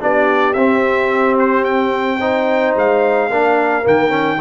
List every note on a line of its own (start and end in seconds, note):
0.00 0.55 B3
0.00 0.55 D4
0.00 2.19 G4
0.00 0.54 D5
0.54 2.75 C4
0.54 2.20 C4
0.54 1.36 E5
1.39 1.65 C5
1.65 2.75 G5
2.19 3.31 D#4
2.19 3.30 C5
2.76 3.31 G#3
2.76 3.88 F5
3.30 3.86 A#3
3.30 3.84 D4
3.30 4.40 A#4
3.84 4.41 D#3
3.84 4.10 A#3
3.84 4.41 G5
4.10 4.37 C#4